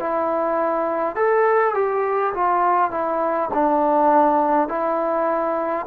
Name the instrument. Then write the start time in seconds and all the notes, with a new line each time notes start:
trombone
0.00 E4
1.16 A4
1.74 G4
2.34 F4
2.91 E4
3.53 D4
4.68 E4